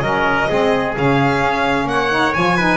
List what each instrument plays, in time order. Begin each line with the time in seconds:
0.00 double bass F#3, saxophone C#4, trumpet A#4, violin D#5
0.49 double bass G#3, saxophone C4, trumpet G#4
0.96 double bass C#3, saxophone C#4, violin F5
1.41 double bass C#4
1.84 double bass A#3, violin F#5
1.92 trumpet C#5
2.10 saxophone D#4
2.33 double bass F3, saxophone F4, violin G#5
2.57 saxophone D#4, trumpet B4